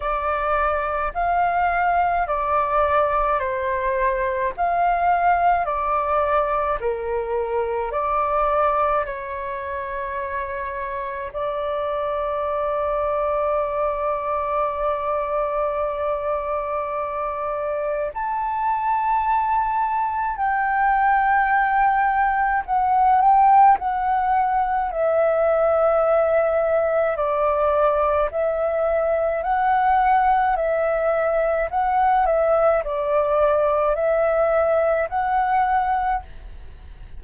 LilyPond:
\new Staff \with { instrumentName = "flute" } { \time 4/4 \tempo 4 = 53 d''4 f''4 d''4 c''4 | f''4 d''4 ais'4 d''4 | cis''2 d''2~ | d''1 |
a''2 g''2 | fis''8 g''8 fis''4 e''2 | d''4 e''4 fis''4 e''4 | fis''8 e''8 d''4 e''4 fis''4 | }